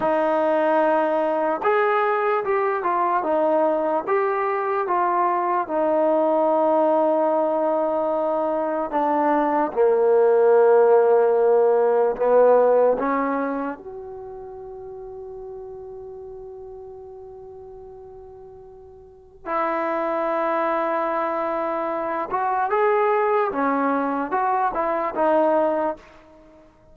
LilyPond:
\new Staff \with { instrumentName = "trombone" } { \time 4/4 \tempo 4 = 74 dis'2 gis'4 g'8 f'8 | dis'4 g'4 f'4 dis'4~ | dis'2. d'4 | ais2. b4 |
cis'4 fis'2.~ | fis'1 | e'2.~ e'8 fis'8 | gis'4 cis'4 fis'8 e'8 dis'4 | }